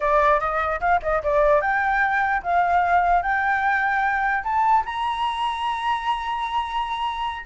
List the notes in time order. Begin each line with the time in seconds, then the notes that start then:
0.00 D5
0.40 D#5
0.80 F5
1.02 D#5
1.23 D5
1.61 G5
2.42 F5
3.22 G5
4.43 A5
4.85 A#5